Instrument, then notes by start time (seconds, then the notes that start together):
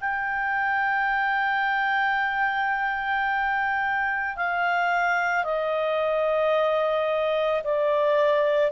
clarinet
0.00 G5
4.36 F5
5.44 D#5
7.63 D5